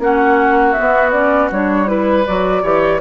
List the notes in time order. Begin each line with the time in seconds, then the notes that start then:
0.00 A#3 C#4 F#4 F#5
0.73 B3 E5
0.80 B3
1.12 C#4 D5
1.52 G3 D4 C#5
1.87 E4 B4
2.27 F#3 F#4 D5
2.63 E3 G4 C#5